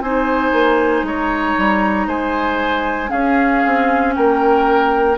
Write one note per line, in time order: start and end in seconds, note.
0.00 0.52 C4
0.00 3.08 D#4
0.00 1.06 C5
0.00 1.04 G#5
0.52 1.02 A#3
1.02 1.54 G#3
1.02 2.07 C#5
1.02 2.08 A#5
1.58 2.06 G3
2.06 3.10 G#3
2.06 3.10 C5
2.06 3.10 G#5
3.08 5.14 C#4
3.08 3.63 C#4
3.08 4.14 G#4
3.08 4.13 F5
3.66 4.16 C4
4.14 5.18 A#3
4.14 5.18 A#4
4.14 5.17 G5